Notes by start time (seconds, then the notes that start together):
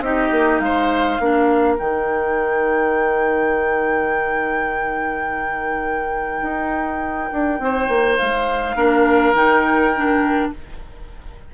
0.00 C4 D#4 G4 D#5
0.31 A#3
0.59 G#3 C5 F5
1.19 A#3 D4 A#4
1.78 D#3 D#4 G5
6.42 D#4
7.33 D4
7.59 C4 C5
7.88 A#3
8.18 G#3 F5
8.75 A#3 D4 A#4
9.33 D#3 D#4 G5
9.96 D4